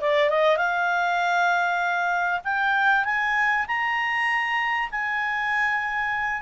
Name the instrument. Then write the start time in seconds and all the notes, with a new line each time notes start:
clarinet
0.00 D5
0.29 D#5
0.56 F5
2.44 G5
3.04 G#5
3.67 A#5
4.91 G#5